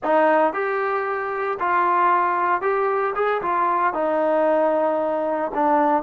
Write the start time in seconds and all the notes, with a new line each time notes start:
0.03 D#4
0.53 G4
1.59 F4
2.61 G4
3.15 G#4
3.42 F4
3.93 D#4
5.54 D4